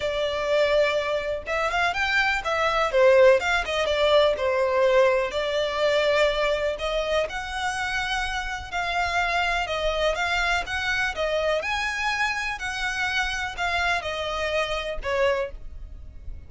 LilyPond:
\new Staff \with { instrumentName = "violin" } { \time 4/4 \tempo 4 = 124 d''2. e''8 f''8 | g''4 e''4 c''4 f''8 dis''8 | d''4 c''2 d''4~ | d''2 dis''4 fis''4~ |
fis''2 f''2 | dis''4 f''4 fis''4 dis''4 | gis''2 fis''2 | f''4 dis''2 cis''4 | }